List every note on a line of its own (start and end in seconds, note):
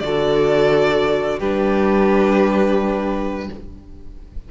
0.00 1.40 D3
0.00 1.42 F#4
0.00 1.39 A4
0.00 1.40 D5
1.39 3.50 G3
1.39 3.51 D4
1.39 3.48 G4
1.39 3.50 B4